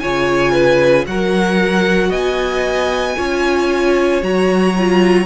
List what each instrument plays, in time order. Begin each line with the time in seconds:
0.00 cello C#3, viola F4, violin C#5 G#5
0.52 violin B4
1.06 cello F#3, viola F#4, violin A#4 F#5
2.09 cello B3, violin D#5 G#5
3.16 cello C#4, viola F4, violin C#5
4.22 cello F#3, viola F#4, violin A#5
4.79 viola F4